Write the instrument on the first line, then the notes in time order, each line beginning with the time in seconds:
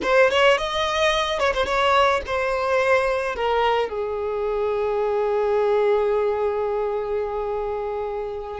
violin
0.02 C5
0.30 C#5
0.57 D#5
1.39 C#5
1.54 C5
1.65 C#5
2.26 C5
3.35 A#4
3.89 G#4